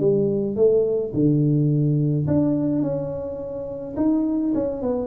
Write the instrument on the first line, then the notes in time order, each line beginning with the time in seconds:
tuba
0.00 G3
0.56 A3
1.13 D3
2.27 D4
2.82 C#4
3.96 D#4
4.54 C#4
4.82 B3